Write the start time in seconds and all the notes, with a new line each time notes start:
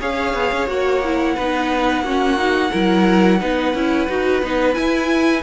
0.00 C#4 G#4 C#5 F5
0.34 B3
0.52 C#4
0.67 A#3 F#4 F#5
1.04 E4
1.35 B3 D#4 B4
2.02 A#3 C#4 F#4
2.37 D#4
2.71 F#3 E4 A#4
3.40 B3 D#4 B4
3.74 C#4 E4
4.09 D#4 F#4
4.42 B3 D#4
4.74 E4 G#5